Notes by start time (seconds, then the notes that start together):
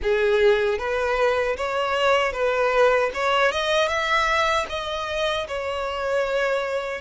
0.02 G#4
0.78 B4
1.56 C#5
2.32 B4
3.14 C#5
3.51 D#5
3.87 E5
4.69 D#5
5.47 C#5